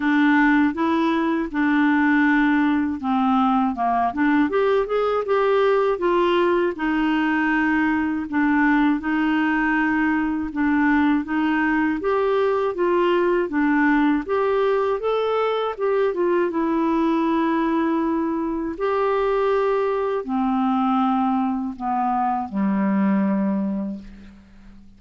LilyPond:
\new Staff \with { instrumentName = "clarinet" } { \time 4/4 \tempo 4 = 80 d'4 e'4 d'2 | c'4 ais8 d'8 g'8 gis'8 g'4 | f'4 dis'2 d'4 | dis'2 d'4 dis'4 |
g'4 f'4 d'4 g'4 | a'4 g'8 f'8 e'2~ | e'4 g'2 c'4~ | c'4 b4 g2 | }